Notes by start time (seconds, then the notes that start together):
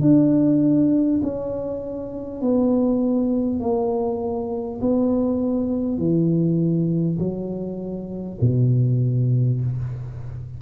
0.00 D4
1.23 C#4
2.41 B3
3.59 A#3
4.81 B3
5.98 E3
7.18 F#3
8.40 B2